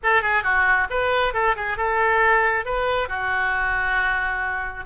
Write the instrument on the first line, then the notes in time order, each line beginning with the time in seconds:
oboe
0.03 A4
0.22 G#4
0.43 F#4
0.90 B4
1.33 A4
1.56 G#4
1.77 A4
2.65 B4
3.08 F#4